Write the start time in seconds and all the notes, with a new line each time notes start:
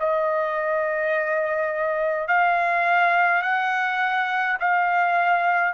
0.00 D#5
2.28 F5
3.43 F#5
4.60 F5